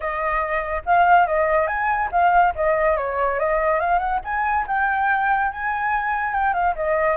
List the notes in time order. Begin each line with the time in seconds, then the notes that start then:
0.00 D#5
0.85 F5
1.27 D#5
1.67 G#5
2.11 F5
2.55 D#5
2.97 C#5
3.39 D#5
3.80 F5
3.99 F#5
4.24 G#5
4.67 G5
5.51 G#5
6.33 G5
6.53 F5
6.75 D#5